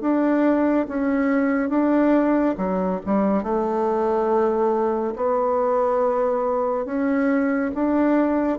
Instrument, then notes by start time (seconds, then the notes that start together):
bassoon
0.00 D4
0.88 C#4
1.69 D4
2.57 F#3
3.05 G3
3.42 A3
5.15 B3
6.85 C#4
7.74 D4